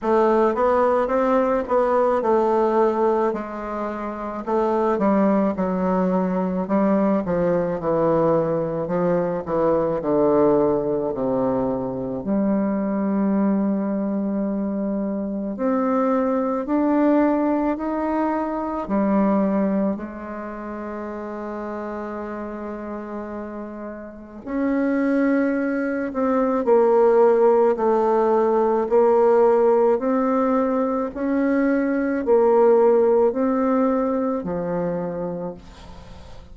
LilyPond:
\new Staff \with { instrumentName = "bassoon" } { \time 4/4 \tempo 4 = 54 a8 b8 c'8 b8 a4 gis4 | a8 g8 fis4 g8 f8 e4 | f8 e8 d4 c4 g4~ | g2 c'4 d'4 |
dis'4 g4 gis2~ | gis2 cis'4. c'8 | ais4 a4 ais4 c'4 | cis'4 ais4 c'4 f4 | }